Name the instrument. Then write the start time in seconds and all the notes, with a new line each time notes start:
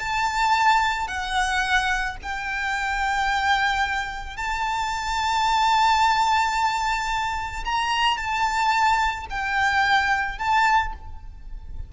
violin
0.00 A5
1.08 F#5
2.23 G5
4.37 A5
7.65 A#5
8.18 A5
9.30 G5
10.39 A5